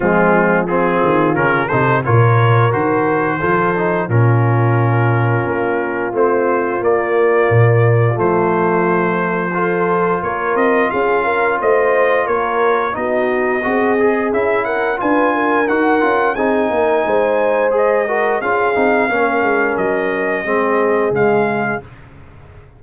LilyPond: <<
  \new Staff \with { instrumentName = "trumpet" } { \time 4/4 \tempo 4 = 88 f'4 gis'4 ais'8 c''8 cis''4 | c''2 ais'2~ | ais'4 c''4 d''2 | c''2. cis''8 dis''8 |
f''4 dis''4 cis''4 dis''4~ | dis''4 e''8 fis''8 gis''4 fis''4 | gis''2 dis''4 f''4~ | f''4 dis''2 f''4 | }
  \new Staff \with { instrumentName = "horn" } { \time 4/4 c'4 f'4. a'8 ais'4~ | ais'4 a'4 f'2~ | f'1~ | f'2 a'4 ais'4 |
gis'8 ais'8 c''4 ais'4 fis'4 | gis'4. ais'8 b'8 ais'4. | gis'8 ais'8 c''4. ais'8 gis'4 | ais'2 gis'2 | }
  \new Staff \with { instrumentName = "trombone" } { \time 4/4 gis4 c'4 cis'8 dis'8 f'4 | fis'4 f'8 dis'8 cis'2~ | cis'4 c'4 ais2 | a2 f'2~ |
f'2. dis'4 | fis'8 gis'8 e'4 f'4 fis'8 f'8 | dis'2 gis'8 fis'8 f'8 dis'8 | cis'2 c'4 gis4 | }
  \new Staff \with { instrumentName = "tuba" } { \time 4/4 f4. dis8 cis8 c8 ais,4 | dis4 f4 ais,2 | ais4 a4 ais4 ais,4 | f2. ais8 c'8 |
cis'4 a4 ais4 b4 | c'4 cis'4 d'4 dis'8 cis'8 | c'8 ais8 gis2 cis'8 c'8 | ais8 gis8 fis4 gis4 cis4 | }
>>